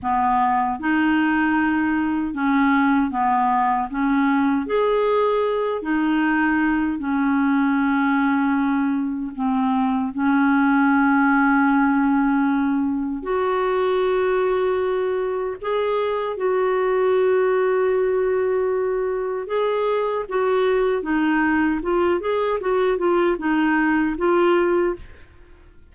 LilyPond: \new Staff \with { instrumentName = "clarinet" } { \time 4/4 \tempo 4 = 77 b4 dis'2 cis'4 | b4 cis'4 gis'4. dis'8~ | dis'4 cis'2. | c'4 cis'2.~ |
cis'4 fis'2. | gis'4 fis'2.~ | fis'4 gis'4 fis'4 dis'4 | f'8 gis'8 fis'8 f'8 dis'4 f'4 | }